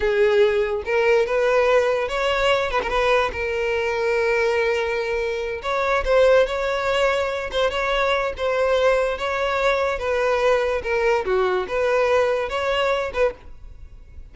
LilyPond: \new Staff \with { instrumentName = "violin" } { \time 4/4 \tempo 4 = 144 gis'2 ais'4 b'4~ | b'4 cis''4. b'16 ais'16 b'4 | ais'1~ | ais'4. cis''4 c''4 cis''8~ |
cis''2 c''8 cis''4. | c''2 cis''2 | b'2 ais'4 fis'4 | b'2 cis''4. b'8 | }